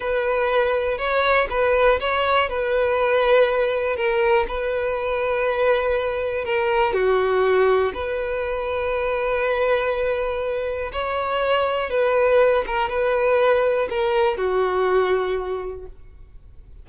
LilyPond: \new Staff \with { instrumentName = "violin" } { \time 4/4 \tempo 4 = 121 b'2 cis''4 b'4 | cis''4 b'2. | ais'4 b'2.~ | b'4 ais'4 fis'2 |
b'1~ | b'2 cis''2 | b'4. ais'8 b'2 | ais'4 fis'2. | }